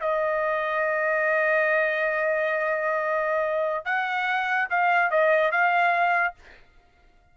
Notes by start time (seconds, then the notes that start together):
0.00 D#5
3.85 F#5
4.70 F5
5.10 D#5
5.51 F5